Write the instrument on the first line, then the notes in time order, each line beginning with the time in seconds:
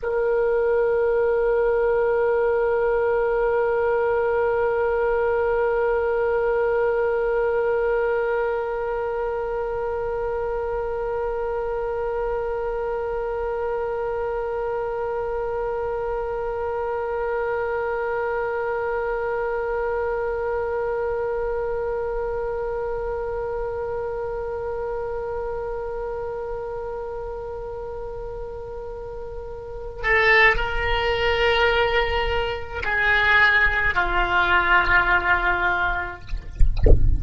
oboe
0.03 A#4
30.03 A4
30.56 A#4
32.84 G#4
33.94 F4